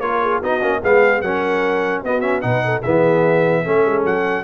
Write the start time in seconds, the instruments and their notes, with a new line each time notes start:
0.00 tuba A#3, trombone F4, horn A#4, trumpet C#5
0.22 horn G#4
0.40 tuba B3, trombone D#4, horn F#4, trumpet D#5
0.61 tuba A#3, trombone C#4
0.81 tuba G#3, trombone B3, horn G#4, trumpet F5
1.22 tuba F#3, trombone C#4, horn A#4, trumpet F#5
2.04 tuba B3, trombone B3, horn F#4, trumpet D#5
2.21 trombone C#4, trumpet E5
2.42 tuba B2, trombone D#4, horn B4, trumpet F#5
2.65 horn A4
2.82 tuba E3, trombone B3, horn G#4, trumpet E5
3.64 tuba A3, trombone C#4, horn A4
3.86 tuba G#3
4.05 tuba F#3, trumpet F#5